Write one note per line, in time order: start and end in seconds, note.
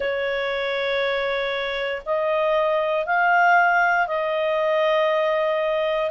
0.00 2.02 C#5
2.05 3.06 D#5
3.06 4.07 F5
4.07 6.10 D#5